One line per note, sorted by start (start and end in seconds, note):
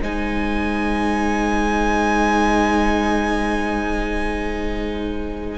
0.00 5.58 G#3
0.00 5.58 D#4
0.00 5.58 C5
0.00 5.58 G#5